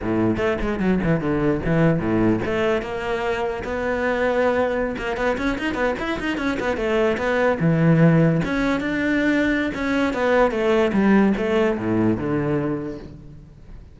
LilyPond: \new Staff \with { instrumentName = "cello" } { \time 4/4 \tempo 4 = 148 a,4 a8 gis8 fis8 e8 d4 | e4 a,4 a4 ais4~ | ais4 b2.~ | b16 ais8 b8 cis'8 dis'8 b8 e'8 dis'8 cis'16~ |
cis'16 b8 a4 b4 e4~ e16~ | e8. cis'4 d'2~ d'16 | cis'4 b4 a4 g4 | a4 a,4 d2 | }